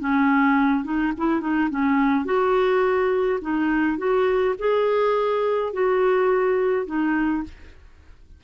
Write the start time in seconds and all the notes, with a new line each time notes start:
0.00 C#4
0.84 D#4
1.18 E4
1.41 D#4
1.70 C#4
2.25 F#4
3.42 D#4
3.98 F#4
4.59 G#4
5.73 F#4
6.86 D#4